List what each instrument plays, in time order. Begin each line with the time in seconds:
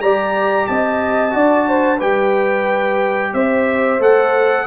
0.00 tuba G3, trombone G4, horn D5, trumpet A#5
0.66 tuba C4, horn D#5, trumpet A5
1.30 tuba D4, trombone F#4, horn D5
1.68 horn C5
1.98 tuba G3, trombone G4, horn B4, trumpet G5
3.33 tuba C4, horn C5, trumpet E5
3.99 tuba A3, trombone A4, trumpet F#5